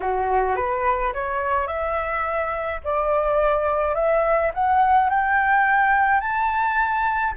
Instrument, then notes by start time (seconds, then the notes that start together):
flute
0.00 F#4
0.56 B4
1.13 C#5
1.67 E5
2.84 D5
3.95 E5
4.53 F#5
5.09 G5
6.20 A5